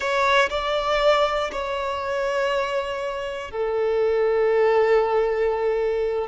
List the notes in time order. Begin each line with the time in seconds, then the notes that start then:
0.00 C#5
0.49 D5
1.51 C#5
3.50 A4